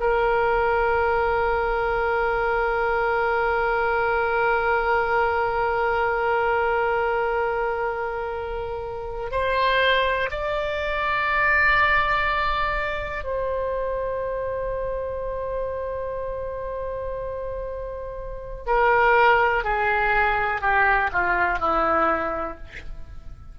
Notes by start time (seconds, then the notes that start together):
0.00 A#4
9.31 C5
10.31 D5
13.24 C5
18.67 A#4
19.64 G#4
20.62 G4
21.13 F4
21.59 E4